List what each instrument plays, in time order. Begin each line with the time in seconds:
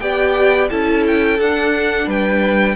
0.00 cello B3, viola G4, violin D5 G5
0.69 cello C#4, viola E4, violin A4 A5
1.07 violin G5
1.39 cello D4, viola D4, violin F#5
2.07 cello G3, violin B4 G5